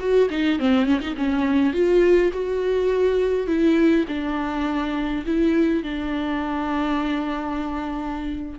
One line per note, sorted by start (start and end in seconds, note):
0.00 0.29 F#4
0.31 0.60 D#4
0.60 0.86 C4
0.86 1.01 C#4
1.01 1.15 D#4
1.17 1.74 C#4
1.74 2.32 F4
2.33 3.47 F#4
3.47 4.06 E4
4.09 5.25 D4
5.26 5.84 E4
5.84 8.59 D4